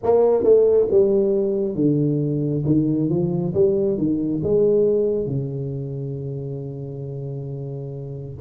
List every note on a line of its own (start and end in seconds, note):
0.03 0.43 A#3
0.43 0.87 A3
0.90 1.75 G3
1.75 2.63 D3
2.65 3.09 D#3
3.09 3.53 F3
3.54 3.97 G3
3.97 4.41 D#3
4.43 5.26 G#3
5.26 8.35 C#3